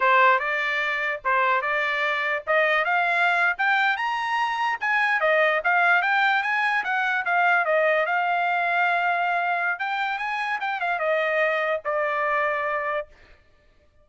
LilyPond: \new Staff \with { instrumentName = "trumpet" } { \time 4/4 \tempo 4 = 147 c''4 d''2 c''4 | d''2 dis''4 f''4~ | f''8. g''4 ais''2 gis''16~ | gis''8. dis''4 f''4 g''4 gis''16~ |
gis''8. fis''4 f''4 dis''4 f''16~ | f''1 | g''4 gis''4 g''8 f''8 dis''4~ | dis''4 d''2. | }